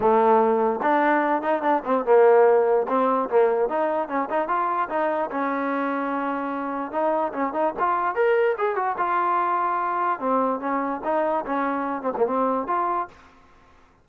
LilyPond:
\new Staff \with { instrumentName = "trombone" } { \time 4/4 \tempo 4 = 147 a2 d'4. dis'8 | d'8 c'8 ais2 c'4 | ais4 dis'4 cis'8 dis'8 f'4 | dis'4 cis'2.~ |
cis'4 dis'4 cis'8 dis'8 f'4 | ais'4 gis'8 fis'8 f'2~ | f'4 c'4 cis'4 dis'4 | cis'4. c'16 ais16 c'4 f'4 | }